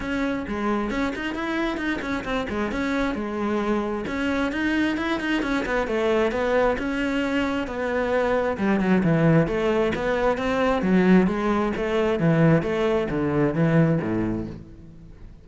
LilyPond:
\new Staff \with { instrumentName = "cello" } { \time 4/4 \tempo 4 = 133 cis'4 gis4 cis'8 dis'8 e'4 | dis'8 cis'8 c'8 gis8 cis'4 gis4~ | gis4 cis'4 dis'4 e'8 dis'8 | cis'8 b8 a4 b4 cis'4~ |
cis'4 b2 g8 fis8 | e4 a4 b4 c'4 | fis4 gis4 a4 e4 | a4 d4 e4 a,4 | }